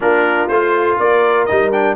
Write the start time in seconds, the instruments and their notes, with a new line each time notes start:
0.00 tuba A#3, trombone D4, horn F4, trumpet A#4
0.48 tuba A3, trombone F4, trumpet C5
0.99 tuba A#3, horn A#4, trumpet D5
1.45 tuba G3, trombone D#4, trumpet D#5
1.72 trombone D4, trumpet G5